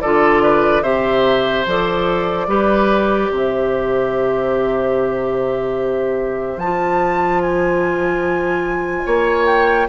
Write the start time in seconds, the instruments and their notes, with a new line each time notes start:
0.00 bassoon D3, clarinet F4, oboe A4, flute D5
0.42 oboe B4
0.82 bassoon C3, clarinet G4, oboe C5, flute E5
1.66 bassoon F3, clarinet A4, flute D5
2.47 bassoon G3, clarinet G4, oboe B4
3.30 bassoon C3, oboe C5, flute E5
6.56 bassoon F3, flute A5
6.62 clarinet F4
7.41 flute G#5
9.05 bassoon A#3, oboe C#5
9.46 flute G5